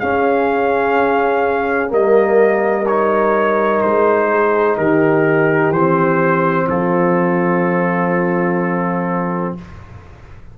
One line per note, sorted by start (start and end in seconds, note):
0.00 1.88 C#4
0.00 1.92 C#4
0.00 1.92 G#4
0.00 1.90 F5
1.88 3.83 G3
1.88 2.84 A#3
1.88 4.31 A#4
1.88 2.87 D#5
2.87 5.75 D#4
2.87 3.82 C#5
3.82 4.78 G#3
3.82 4.77 C5
4.32 4.79 G#4
4.78 5.71 D#3
4.78 6.68 G4
4.78 5.73 A#4
5.71 6.66 E3
5.71 6.68 C5
5.78 9.59 C4
6.68 9.55 F3
6.68 9.54 F4
6.68 9.55 A4